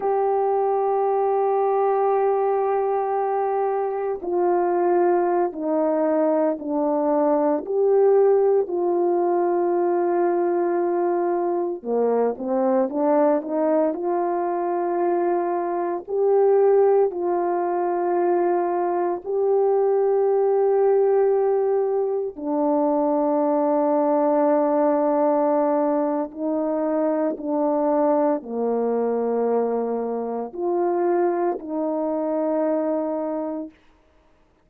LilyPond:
\new Staff \with { instrumentName = "horn" } { \time 4/4 \tempo 4 = 57 g'1 | f'4~ f'16 dis'4 d'4 g'8.~ | g'16 f'2. ais8 c'16~ | c'16 d'8 dis'8 f'2 g'8.~ |
g'16 f'2 g'4.~ g'16~ | g'4~ g'16 d'2~ d'8.~ | d'4 dis'4 d'4 ais4~ | ais4 f'4 dis'2 | }